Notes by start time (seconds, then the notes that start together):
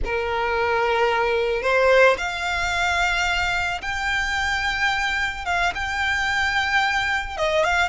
0.04 A#4
1.62 C5
2.17 F5
3.81 G5
5.45 F5
5.74 G5
7.37 D#5
7.63 F5